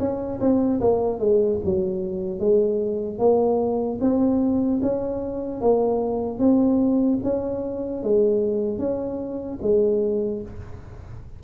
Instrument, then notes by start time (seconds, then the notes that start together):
tuba
0.00 C#4
0.40 C4
0.81 A#3
1.20 G#3
1.65 F#3
2.40 G#3
3.19 A#3
4.01 C4
4.83 C#4
5.61 A#3
6.40 C4
7.24 C#4
8.04 G#3
8.79 C#4
9.62 G#3